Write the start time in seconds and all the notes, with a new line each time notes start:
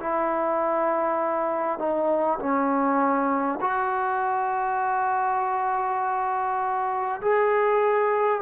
0.00 E4
1.78 D#4
2.39 C#4
3.61 F#4
7.21 G#4